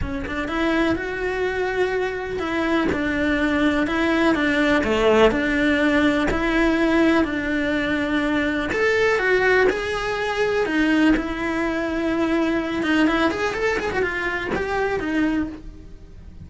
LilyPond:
\new Staff \with { instrumentName = "cello" } { \time 4/4 \tempo 4 = 124 cis'8 d'8 e'4 fis'2~ | fis'4 e'4 d'2 | e'4 d'4 a4 d'4~ | d'4 e'2 d'4~ |
d'2 a'4 fis'4 | gis'2 dis'4 e'4~ | e'2~ e'8 dis'8 e'8 gis'8 | a'8 gis'16 fis'16 f'4 g'4 dis'4 | }